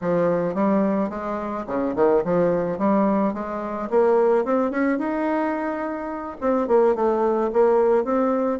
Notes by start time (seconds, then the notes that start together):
0.01 F3
0.54 G3
1.09 G#3
1.66 C#3
1.95 D#3
2.24 F3
2.78 G3
3.33 G#3
3.90 A#3
4.44 C4
4.70 C#4
4.98 D#4
6.40 C4
6.67 A#3
6.95 A3
7.53 A#3
8.04 C4